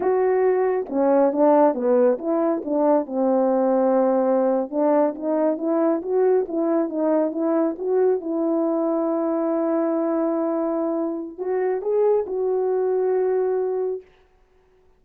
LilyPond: \new Staff \with { instrumentName = "horn" } { \time 4/4 \tempo 4 = 137 fis'2 cis'4 d'4 | b4 e'4 d'4 c'4~ | c'2~ c'8. d'4 dis'16~ | dis'8. e'4 fis'4 e'4 dis'16~ |
dis'8. e'4 fis'4 e'4~ e'16~ | e'1~ | e'2 fis'4 gis'4 | fis'1 | }